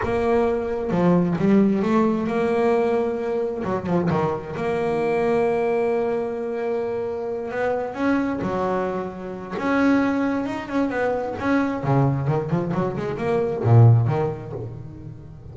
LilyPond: \new Staff \with { instrumentName = "double bass" } { \time 4/4 \tempo 4 = 132 ais2 f4 g4 | a4 ais2. | fis8 f8 dis4 ais2~ | ais1~ |
ais8 b4 cis'4 fis4.~ | fis4 cis'2 dis'8 cis'8 | b4 cis'4 cis4 dis8 f8 | fis8 gis8 ais4 ais,4 dis4 | }